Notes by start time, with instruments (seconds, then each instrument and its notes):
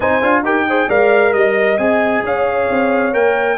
0.00 tuba C4, trombone D#4, horn C5, trumpet G#5
0.21 tuba D4, trombone F4
0.42 tuba D#4, trombone G4, horn A#4, trumpet G5
0.67 trombone G#4, horn C5
0.88 tuba G#3, trombone A#4, horn D5, trumpet F5
1.33 tuba G3, trumpet D#5, horn D#5
1.77 tuba C4, trombone G#4, trumpet G#5
2.23 tuba C#4, horn C#5, trumpet F5
2.69 tuba C4
3.12 tuba A#3, trombone A#4, trumpet G5